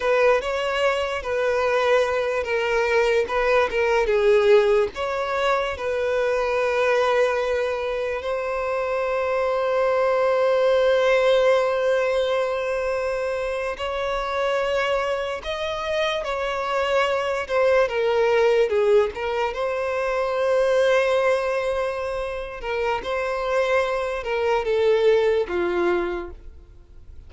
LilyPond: \new Staff \with { instrumentName = "violin" } { \time 4/4 \tempo 4 = 73 b'8 cis''4 b'4. ais'4 | b'8 ais'8 gis'4 cis''4 b'4~ | b'2 c''2~ | c''1~ |
c''8. cis''2 dis''4 cis''16~ | cis''4~ cis''16 c''8 ais'4 gis'8 ais'8 c''16~ | c''2.~ c''8 ais'8 | c''4. ais'8 a'4 f'4 | }